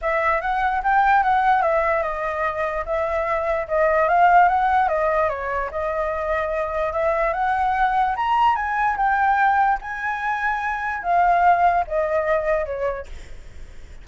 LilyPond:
\new Staff \with { instrumentName = "flute" } { \time 4/4 \tempo 4 = 147 e''4 fis''4 g''4 fis''4 | e''4 dis''2 e''4~ | e''4 dis''4 f''4 fis''4 | dis''4 cis''4 dis''2~ |
dis''4 e''4 fis''2 | ais''4 gis''4 g''2 | gis''2. f''4~ | f''4 dis''2 cis''4 | }